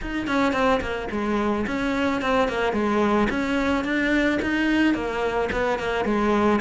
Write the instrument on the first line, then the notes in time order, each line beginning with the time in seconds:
cello
0.01 D#4
0.27 C#4
0.53 C4
0.81 A#3
1.11 G#3
1.66 C#4
2.21 C4
2.48 A#3
2.72 G#3
3.30 C#4
3.84 D4
4.42 D#4
4.94 A#3
5.52 B3
5.78 A#3
6.05 G#3